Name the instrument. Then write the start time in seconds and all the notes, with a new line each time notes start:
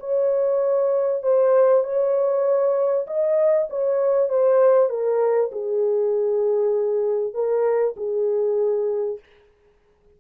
horn
0.00 C#5
1.23 C5
1.84 C#5
3.07 D#5
3.70 C#5
4.29 C5
4.90 A#4
5.52 G#4
7.34 A#4
7.97 G#4